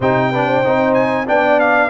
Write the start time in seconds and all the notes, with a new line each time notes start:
0.00 C3 D#4 C5 G5
0.31 D4 B4
0.46 C5
0.64 C4 D#4
0.94 G#5
1.26 B3 D4 D5 G5
1.59 F5